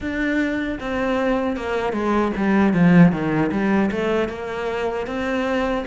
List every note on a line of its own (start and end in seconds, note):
0.00 0.78 D4
0.80 1.56 C4
1.56 1.93 A#3
1.93 2.32 G#3
2.36 2.73 G3
2.73 3.12 F3
3.12 3.51 D#3
3.51 3.90 G3
3.91 4.29 A3
4.29 5.06 A#3
5.06 5.84 C4